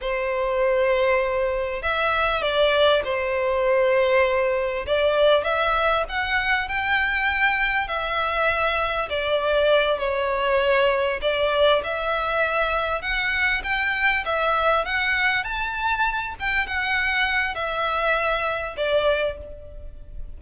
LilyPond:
\new Staff \with { instrumentName = "violin" } { \time 4/4 \tempo 4 = 99 c''2. e''4 | d''4 c''2. | d''4 e''4 fis''4 g''4~ | g''4 e''2 d''4~ |
d''8 cis''2 d''4 e''8~ | e''4. fis''4 g''4 e''8~ | e''8 fis''4 a''4. g''8 fis''8~ | fis''4 e''2 d''4 | }